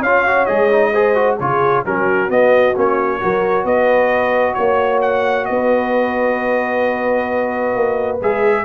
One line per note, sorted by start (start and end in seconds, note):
0.00 0.46 C#4
0.00 0.26 F4
0.00 0.91 C#5
0.00 0.45 F5
0.26 0.47 F#4
0.45 1.40 G#3
0.45 0.70 G#4
0.45 1.36 D#5
0.70 0.93 D#4
0.92 1.14 G#4
0.92 1.37 C5
1.14 1.37 F#4
1.39 1.85 C#3
1.39 1.85 F4
1.39 1.85 G#4
1.39 1.84 C#5
1.85 2.29 F#3
1.85 2.28 C#4
1.85 3.20 F#4
1.85 2.30 A#4
2.28 2.74 B3
2.28 2.75 B3
2.28 2.76 D#5
2.75 3.21 A#3
2.75 3.20 C#4
2.75 3.65 C#5
3.20 3.64 F#3
3.20 8.20 F#4
3.20 3.64 A#4
3.64 4.55 B3
3.64 4.55 B4
3.64 4.54 D#5
4.54 5.49 A#3
4.54 4.99 C#5
4.54 5.47 C#5
5.01 5.45 F#5
5.45 7.75 B3
5.45 8.65 B4
5.45 8.18 D#5
7.75 8.20 A#3
8.21 8.65 G#3
8.21 8.65 G#4
8.21 8.65 E5